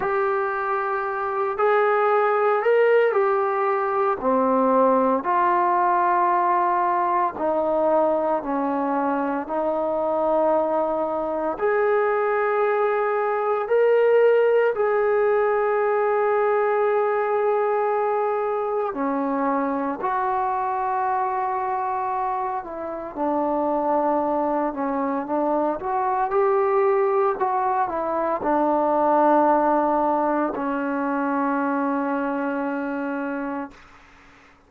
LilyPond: \new Staff \with { instrumentName = "trombone" } { \time 4/4 \tempo 4 = 57 g'4. gis'4 ais'8 g'4 | c'4 f'2 dis'4 | cis'4 dis'2 gis'4~ | gis'4 ais'4 gis'2~ |
gis'2 cis'4 fis'4~ | fis'4. e'8 d'4. cis'8 | d'8 fis'8 g'4 fis'8 e'8 d'4~ | d'4 cis'2. | }